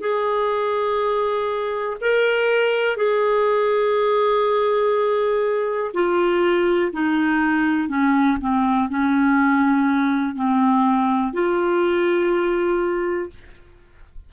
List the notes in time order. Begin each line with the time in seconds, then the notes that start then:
0.00 G#4
2.01 A#4
2.96 G#4
5.93 F4
6.92 D#4
7.88 C#4
8.41 C4
8.89 C#4
10.35 C4
11.33 F4